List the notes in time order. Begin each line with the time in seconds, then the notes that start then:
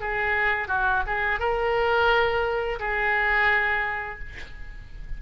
0.00 G#4
0.68 F#4
1.06 G#4
1.39 A#4
2.79 G#4